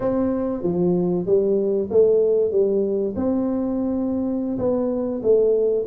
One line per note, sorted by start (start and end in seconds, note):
0.00 0.63 C4
0.63 1.25 F3
1.25 1.89 G3
1.90 2.51 A3
2.51 3.14 G3
3.16 4.58 C4
4.58 5.21 B3
5.22 5.85 A3